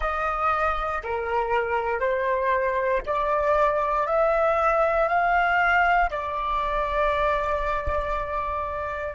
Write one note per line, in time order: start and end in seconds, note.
0.00 1.02 D#5
1.04 2.00 A#4
2.00 3.01 C5
3.06 4.06 D5
4.06 5.08 E5
5.08 6.10 F5
6.10 9.15 D5